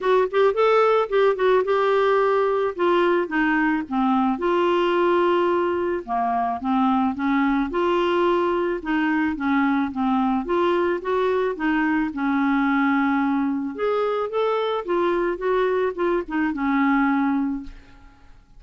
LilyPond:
\new Staff \with { instrumentName = "clarinet" } { \time 4/4 \tempo 4 = 109 fis'8 g'8 a'4 g'8 fis'8 g'4~ | g'4 f'4 dis'4 c'4 | f'2. ais4 | c'4 cis'4 f'2 |
dis'4 cis'4 c'4 f'4 | fis'4 dis'4 cis'2~ | cis'4 gis'4 a'4 f'4 | fis'4 f'8 dis'8 cis'2 | }